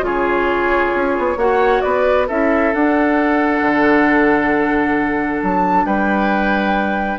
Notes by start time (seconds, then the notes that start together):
0.00 C#3 F4 G#4 C#5
0.95 C#4
1.18 B3
1.36 A#3 F#4 C#5 F#5
1.81 B3 B4 D5
2.27 C#4 E4 A4 E5
2.73 D4 F#5
3.61 D3
5.43 F#3 A5
5.85 G3 B4 G5